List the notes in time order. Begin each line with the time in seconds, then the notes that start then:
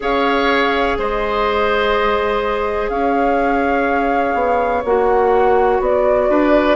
0.00 C#4 G#4 C#5 F5
0.98 G#3 C5 D#5
2.89 C#4 C#5 F5
4.34 B3
4.84 A#3 F#4 F#5
5.80 B3 D5
6.29 D4 B4